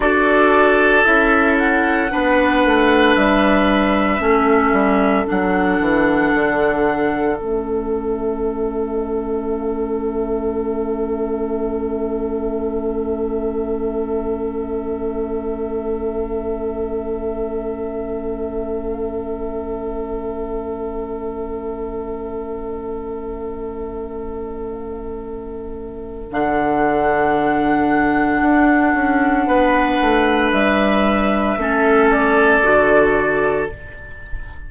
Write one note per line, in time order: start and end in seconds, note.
0.00 1.05 D4
0.00 1.04 F#4
0.00 2.11 A4
0.00 1.04 D5
1.04 2.11 C#4
1.04 2.10 E4
1.04 1.57 E5
1.58 3.15 F#5
2.10 2.64 B3
2.10 4.19 D4
2.10 4.21 B4
2.64 3.16 A3
3.15 4.19 G3
3.15 5.25 E5
4.19 4.72 A3
4.19 5.25 C#4
4.19 29.47 A4
4.72 5.24 G3
5.26 5.80 F#3
5.26 7.36 D4
5.26 7.36 F#5
5.80 6.32 E3
6.34 7.39 D3
7.36 26.31 A3
7.36 26.31 C#4
7.36 26.31 E5
26.31 28.41 D3
26.31 31.58 D4
26.31 30.51 F#5
28.41 28.94 D4
28.94 29.46 C#4
29.46 29.98 B3
29.46 31.58 B4
30.01 30.52 A3
30.51 31.57 G3
30.51 32.09 E5
31.57 32.62 A3
31.57 32.63 C#4
31.57 33.71 A4
32.11 33.68 D5
32.63 33.68 D3
32.63 33.68 F#4